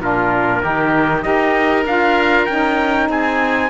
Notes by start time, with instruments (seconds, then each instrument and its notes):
0.00 cello A#2, saxophone D4, oboe F4, trumpet A#4
0.62 cello D#3, saxophone D#4, oboe G4
1.22 cello D#4, saxophone G4, oboe A#4, trumpet D#5
1.85 cello D4, saxophone F4, trumpet F5
2.46 cello C#4, saxophone D#4, trumpet G5
3.09 cello C4, oboe G#4, trumpet G#5